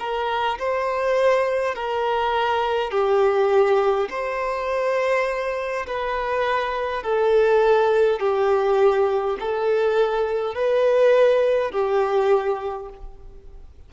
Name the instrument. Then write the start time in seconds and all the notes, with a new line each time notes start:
violin
0.00 A#4
0.59 C5
1.75 A#4
2.91 G4
4.10 C5
5.87 B4
7.04 A4
8.20 G4
9.40 A4
10.55 B4
11.72 G4